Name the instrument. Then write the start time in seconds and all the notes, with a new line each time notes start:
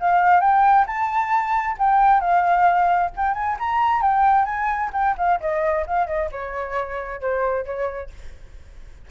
flute
0.00 F5
0.40 G5
0.87 A5
1.78 G5
2.20 F5
3.16 G5
3.34 G#5
3.59 A#5
4.02 G5
4.45 G#5
4.93 G5
5.18 F5
5.41 D#5
5.87 F5
6.07 D#5
6.32 C#5
7.21 C5
7.65 C#5